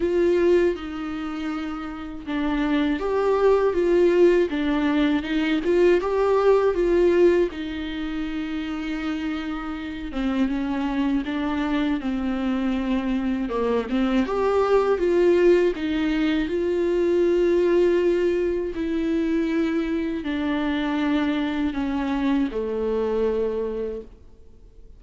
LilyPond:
\new Staff \with { instrumentName = "viola" } { \time 4/4 \tempo 4 = 80 f'4 dis'2 d'4 | g'4 f'4 d'4 dis'8 f'8 | g'4 f'4 dis'2~ | dis'4. c'8 cis'4 d'4 |
c'2 ais8 c'8 g'4 | f'4 dis'4 f'2~ | f'4 e'2 d'4~ | d'4 cis'4 a2 | }